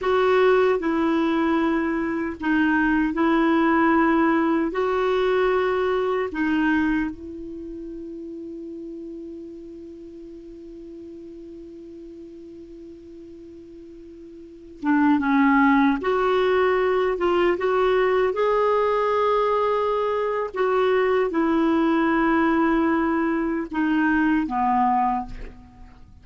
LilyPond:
\new Staff \with { instrumentName = "clarinet" } { \time 4/4 \tempo 4 = 76 fis'4 e'2 dis'4 | e'2 fis'2 | dis'4 e'2.~ | e'1~ |
e'2~ e'8. d'8 cis'8.~ | cis'16 fis'4. f'8 fis'4 gis'8.~ | gis'2 fis'4 e'4~ | e'2 dis'4 b4 | }